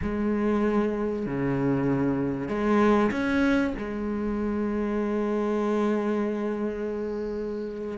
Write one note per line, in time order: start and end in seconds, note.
0.02 1.26 G#3
1.26 2.48 C#3
2.48 3.11 G#3
3.11 3.73 C#4
3.78 7.98 G#3